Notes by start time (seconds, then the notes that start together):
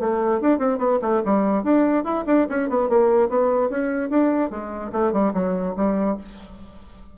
0.00 A3
0.41 D4
0.59 C4
0.78 B3
1.02 A3
1.25 G3
1.63 D4
2.04 E4
2.27 D4
2.50 C#4
2.70 B3
2.89 A#3
3.29 B3
3.70 C#4
4.10 D4
4.51 G#3
4.92 A3
5.13 G3
5.34 F#3
5.77 G3